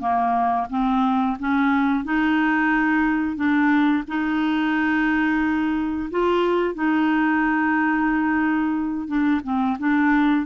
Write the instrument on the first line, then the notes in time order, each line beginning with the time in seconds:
clarinet
0.00 A#3
0.70 C4
1.40 C#4
2.05 D#4
3.36 D4
4.08 D#4
6.11 F4
6.75 D#4
9.08 D4
9.44 C4
9.79 D4